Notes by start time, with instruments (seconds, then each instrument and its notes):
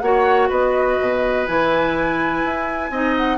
0.00 bassoon A#3, clarinet F#4, oboe C#5, flute F#5
0.49 bassoon B3, oboe B4, flute D#5
1.00 bassoon B2
1.46 bassoon E3, clarinet E4, flute G#5
2.44 bassoon E4
2.90 bassoon C4, clarinet D#4, oboe D#5
3.17 flute F#5